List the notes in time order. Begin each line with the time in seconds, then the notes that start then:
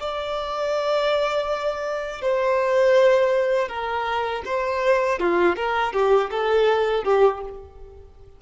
0.00 D5
2.22 C5
3.69 A#4
4.46 C5
5.20 F4
5.56 A#4
5.93 G4
6.31 A4
7.04 G4